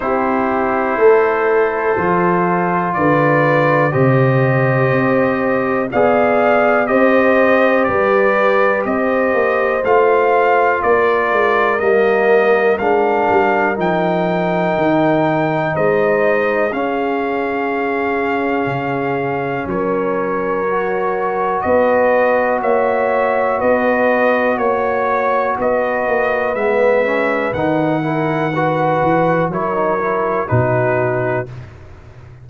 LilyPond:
<<
  \new Staff \with { instrumentName = "trumpet" } { \time 4/4 \tempo 4 = 61 c''2. d''4 | dis''2 f''4 dis''4 | d''4 dis''4 f''4 d''4 | dis''4 f''4 g''2 |
dis''4 f''2. | cis''2 dis''4 e''4 | dis''4 cis''4 dis''4 e''4 | fis''2 cis''4 b'4 | }
  \new Staff \with { instrumentName = "horn" } { \time 4/4 g'4 a'2 b'4 | c''2 d''4 c''4 | b'4 c''2 ais'4~ | ais'1 |
c''4 gis'2. | ais'2 b'4 cis''4 | b'4 cis''4 b'2~ | b'8 ais'8 b'4 ais'4 fis'4 | }
  \new Staff \with { instrumentName = "trombone" } { \time 4/4 e'2 f'2 | g'2 gis'4 g'4~ | g'2 f'2 | ais4 d'4 dis'2~ |
dis'4 cis'2.~ | cis'4 fis'2.~ | fis'2. b8 cis'8 | dis'8 e'8 fis'4 e'16 dis'16 e'8 dis'4 | }
  \new Staff \with { instrumentName = "tuba" } { \time 4/4 c'4 a4 f4 d4 | c4 c'4 b4 c'4 | g4 c'8 ais8 a4 ais8 gis8 | g4 gis8 g8 f4 dis4 |
gis4 cis'2 cis4 | fis2 b4 ais4 | b4 ais4 b8 ais8 gis4 | dis4. e8 fis4 b,4 | }
>>